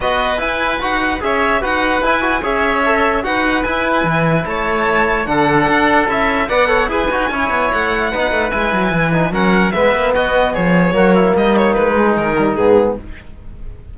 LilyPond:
<<
  \new Staff \with { instrumentName = "violin" } { \time 4/4 \tempo 4 = 148 dis''4 gis''4 fis''4 e''4 | fis''4 gis''4 e''2 | fis''4 gis''2 a''4~ | a''4 fis''2 e''4 |
fis''4 gis''2 fis''4~ | fis''4 gis''2 fis''4 | e''4 dis''4 cis''2 | dis''8 cis''8 b'4 ais'4 gis'4 | }
  \new Staff \with { instrumentName = "oboe" } { \time 4/4 b'2. cis''4 | b'2 cis''2 | b'2. cis''4~ | cis''4 a'2. |
d''8 cis''8 b'4 cis''2 | b'2. ais'4 | b'4 fis'4 gis'4 fis'8 e'8 | dis'1 | }
  \new Staff \with { instrumentName = "trombone" } { \time 4/4 fis'4 e'4 fis'4 gis'4 | fis'4 e'8 fis'8 gis'4 a'4 | fis'4 e'2.~ | e'4 d'2 e'4 |
b'8 a'8 gis'8 fis'8 e'2 | dis'4 e'4. dis'8 cis'4 | b2. ais4~ | ais4. gis4 g8 b4 | }
  \new Staff \with { instrumentName = "cello" } { \time 4/4 b4 e'4 dis'4 cis'4 | dis'4 e'4 cis'2 | dis'4 e'4 e4 a4~ | a4 d4 d'4 cis'4 |
b4 e'8 dis'8 cis'8 b8 a4 | b8 a8 gis8 fis8 e4 fis4 | gis8 ais8 b4 f4 fis4 | g4 gis4 dis4 gis,4 | }
>>